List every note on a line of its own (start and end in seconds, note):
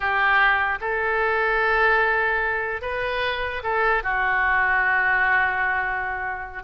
0.00 0.79 G4
0.81 2.81 A4
2.81 3.62 B4
3.63 4.03 A4
4.03 6.63 F#4